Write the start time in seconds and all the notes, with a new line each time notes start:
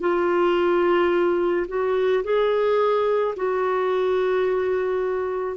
0.00 F4
1.68 F#4
2.24 G#4
3.36 F#4